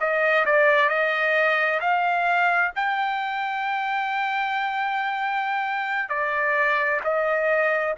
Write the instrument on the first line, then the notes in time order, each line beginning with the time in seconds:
trumpet
0.00 D#5
0.45 D5
0.89 D#5
1.81 F5
2.76 G5
6.10 D5
7.04 D#5